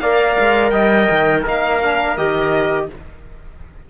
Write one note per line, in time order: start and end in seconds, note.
0.00 0.36 A#3
0.00 1.45 A#4
0.00 0.73 D5
0.00 0.71 F5
0.40 0.72 G#3
0.71 1.08 G3
0.71 1.42 D#5
0.71 1.43 G5
1.11 1.46 D#3
1.42 2.18 A#3
1.42 1.81 D#4
1.42 2.87 A#4
1.48 2.17 F5
1.82 2.18 D4
2.17 2.90 D#3
2.17 2.90 G4
2.17 2.89 D#5